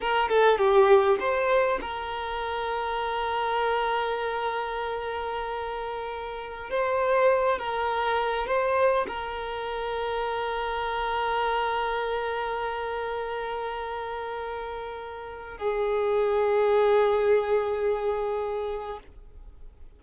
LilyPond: \new Staff \with { instrumentName = "violin" } { \time 4/4 \tempo 4 = 101 ais'8 a'8 g'4 c''4 ais'4~ | ais'1~ | ais'2.~ ais'16 c''8.~ | c''8. ais'4. c''4 ais'8.~ |
ais'1~ | ais'1~ | ais'2~ ais'16 gis'4.~ gis'16~ | gis'1 | }